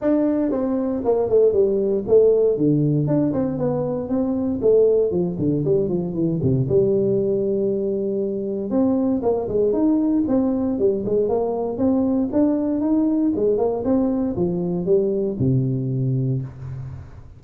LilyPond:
\new Staff \with { instrumentName = "tuba" } { \time 4/4 \tempo 4 = 117 d'4 c'4 ais8 a8 g4 | a4 d4 d'8 c'8 b4 | c'4 a4 f8 d8 g8 f8 | e8 c8 g2.~ |
g4 c'4 ais8 gis8 dis'4 | c'4 g8 gis8 ais4 c'4 | d'4 dis'4 gis8 ais8 c'4 | f4 g4 c2 | }